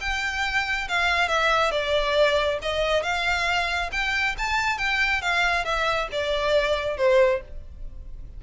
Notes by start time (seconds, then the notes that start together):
0.00 G5
0.88 F5
1.28 E5
1.71 D5
2.62 D#5
3.03 F5
3.92 G5
4.38 A5
4.78 G5
5.21 F5
5.64 E5
6.11 D5
6.97 C5